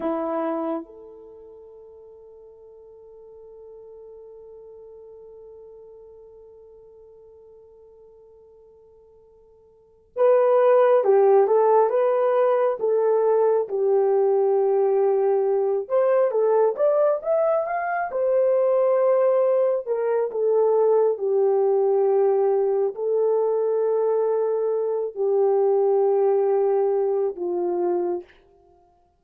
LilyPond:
\new Staff \with { instrumentName = "horn" } { \time 4/4 \tempo 4 = 68 e'4 a'2.~ | a'1~ | a'2.~ a'8 b'8~ | b'8 g'8 a'8 b'4 a'4 g'8~ |
g'2 c''8 a'8 d''8 e''8 | f''8 c''2 ais'8 a'4 | g'2 a'2~ | a'8 g'2~ g'8 f'4 | }